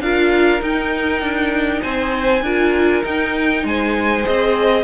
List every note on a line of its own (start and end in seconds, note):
0.00 0.61 D4
0.00 0.61 F4
0.00 1.82 A#4
0.00 0.62 F5
0.61 2.42 D#4
0.61 1.21 D#4
0.61 1.82 G5
1.21 1.82 D4
1.82 2.42 C4
1.82 2.43 C5
1.82 3.04 G#5
2.42 3.03 D4
2.42 3.04 F4
2.42 3.65 A#4
3.04 4.23 D#4
3.04 3.64 D#4
3.04 3.66 G5
3.64 4.25 G#3
3.64 4.84 C5
3.64 4.26 G#5
4.23 4.84 C4
4.23 4.84 G#4
4.23 4.84 D#5